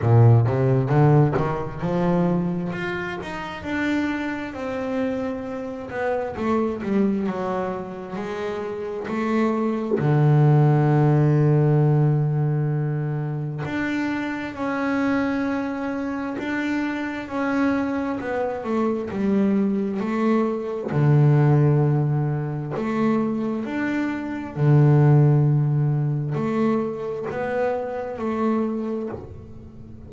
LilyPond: \new Staff \with { instrumentName = "double bass" } { \time 4/4 \tempo 4 = 66 ais,8 c8 d8 dis8 f4 f'8 dis'8 | d'4 c'4. b8 a8 g8 | fis4 gis4 a4 d4~ | d2. d'4 |
cis'2 d'4 cis'4 | b8 a8 g4 a4 d4~ | d4 a4 d'4 d4~ | d4 a4 b4 a4 | }